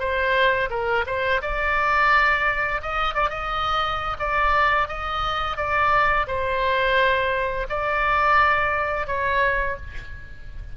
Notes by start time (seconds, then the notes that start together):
0.00 C5
0.70 A#4
1.07 C5
1.42 D5
2.83 D#5
3.15 D5
3.30 D#5
4.20 D5
4.88 D#5
5.57 D5
6.28 C5
7.70 D5
9.07 C#5